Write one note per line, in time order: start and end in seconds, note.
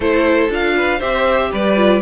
0.00 0.48 A3
0.00 0.49 E4
0.00 0.75 A4
0.00 0.51 C5
0.49 0.99 D4
0.49 1.00 F4
0.49 1.01 F5
0.76 0.99 B4
0.99 1.52 C4
0.99 1.76 G4
0.99 1.49 C5
0.99 1.51 E5
1.52 2.01 G3
1.52 2.01 B4
1.52 2.01 D5
1.76 2.01 F4